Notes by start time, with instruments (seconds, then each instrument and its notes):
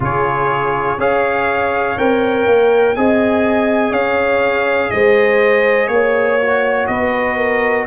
0.00 tuba C#3, trombone F4, horn G#4, trumpet C#5
0.97 tuba C#4, trombone G#4, horn C#5, trumpet F5
1.97 tuba C4, trombone A#4, trumpet G5
2.46 tuba A#3
2.95 tuba C4, trombone G#4, horn D#5, trumpet G#5
3.91 tuba C#4, horn C#5, trumpet F5
4.91 tuba G#3, horn C5, trumpet D#5
5.87 tuba A#3, trumpet C#5, horn C#5
6.40 trombone F#4
6.86 tuba B3, horn B4, trumpet D#5
7.36 horn A#4